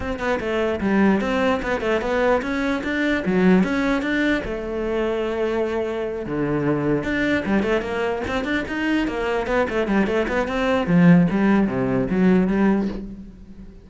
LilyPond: \new Staff \with { instrumentName = "cello" } { \time 4/4 \tempo 4 = 149 c'8 b8 a4 g4 c'4 | b8 a8 b4 cis'4 d'4 | fis4 cis'4 d'4 a4~ | a2.~ a8 d8~ |
d4. d'4 g8 a8 ais8~ | ais8 c'8 d'8 dis'4 ais4 b8 | a8 g8 a8 b8 c'4 f4 | g4 c4 fis4 g4 | }